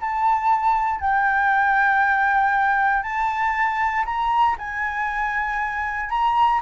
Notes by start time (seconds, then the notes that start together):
0.00 A5
1.00 G5
3.03 A5
4.05 A#5
4.58 G#5
6.09 A#5